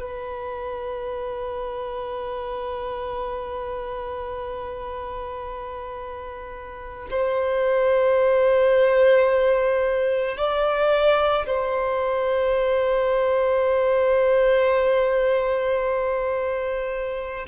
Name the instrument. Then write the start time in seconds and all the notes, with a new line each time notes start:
violin
0.00 B4
7.11 C5
10.37 D5
11.47 C5